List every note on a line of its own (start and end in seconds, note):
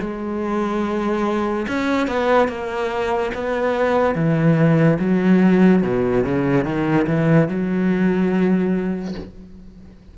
0.00 1.67 G#3
1.68 2.08 C#4
2.08 2.48 B3
2.48 3.32 A#3
3.34 4.15 B3
4.15 4.98 E3
5.00 5.83 F#3
5.83 6.25 B2
6.25 6.65 C#3
6.65 7.06 D#3
7.07 7.48 E3
7.48 9.15 F#3